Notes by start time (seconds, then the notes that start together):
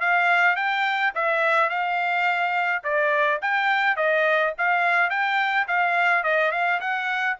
0.00 F5
0.56 G5
1.14 E5
1.69 F5
2.84 D5
3.41 G5
3.96 D#5
4.58 F5
5.10 G5
5.67 F5
6.23 D#5
6.51 F5
6.80 F#5